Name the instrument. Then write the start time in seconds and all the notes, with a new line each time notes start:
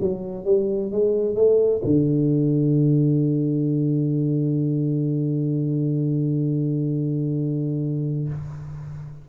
tuba
0.00 F#3
0.44 G3
0.91 G#3
1.35 A3
1.84 D3